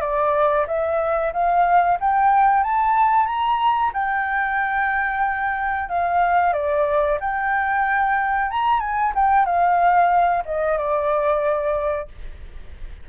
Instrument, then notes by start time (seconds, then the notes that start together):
flute
0.00 D5
0.67 E5
1.33 F5
2.00 G5
2.63 A5
3.26 A#5
3.93 G5
5.88 F5
6.53 D5
7.20 G5
8.50 A#5
8.80 G#5
9.15 G5
9.45 F5
10.45 D#5
10.77 D5